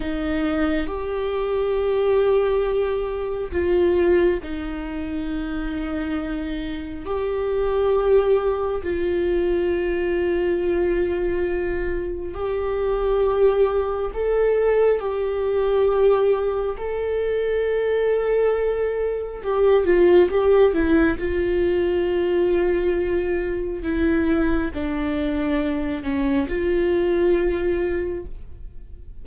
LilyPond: \new Staff \with { instrumentName = "viola" } { \time 4/4 \tempo 4 = 68 dis'4 g'2. | f'4 dis'2. | g'2 f'2~ | f'2 g'2 |
a'4 g'2 a'4~ | a'2 g'8 f'8 g'8 e'8 | f'2. e'4 | d'4. cis'8 f'2 | }